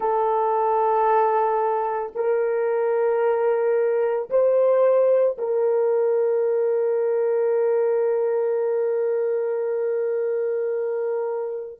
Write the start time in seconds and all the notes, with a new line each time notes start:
0.00 A4
2.15 A#4
4.30 C5
5.38 A#4